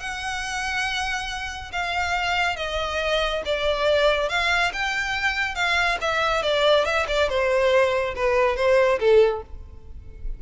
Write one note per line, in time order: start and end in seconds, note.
0.00 1.71 F#5
1.73 2.57 F5
2.57 3.42 D#5
3.46 4.29 D5
4.29 4.72 F5
4.73 5.55 G5
5.55 5.98 F5
6.01 6.43 E5
6.43 6.85 D5
6.85 7.07 E5
7.08 7.29 D5
7.29 8.15 C5
8.16 8.56 B4
8.56 8.99 C5
9.00 9.43 A4